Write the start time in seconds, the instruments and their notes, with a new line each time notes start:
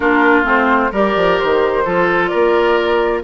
0.00 bassoon A#3, clarinet D4, oboe F4, flute A#4
0.43 bassoon A3, clarinet C4, flute C5
0.91 bassoon G3, clarinet G4, oboe A#4, flute D5
1.15 bassoon F3
1.39 bassoon D#3, flute C5
1.85 bassoon F3, clarinet F4, oboe A4
2.27 oboe A#4, flute D5
2.33 bassoon A#3